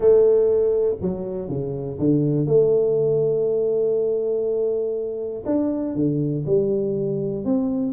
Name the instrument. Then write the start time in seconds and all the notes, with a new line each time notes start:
tuba
0.00 A3
1.01 F#3
1.48 C#3
1.99 D3
2.46 A3
5.45 D4
5.95 D3
6.46 G3
7.44 C4